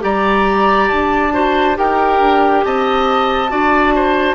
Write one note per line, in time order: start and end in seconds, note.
0.00 0.90 G3
0.00 1.30 G4
0.00 1.34 D5
0.00 0.89 A#5
0.89 1.78 D4
0.89 1.76 A5
1.32 1.75 F#4
1.32 1.77 C5
1.75 2.20 D#4
1.75 3.49 G4
1.75 2.65 A#4
1.75 2.64 G5
2.20 2.63 D4
2.64 3.51 C4
2.64 3.51 D#5
2.64 4.34 A5
3.49 4.34 D4
3.49 4.34 F#4
3.49 3.94 D5
3.95 4.34 C5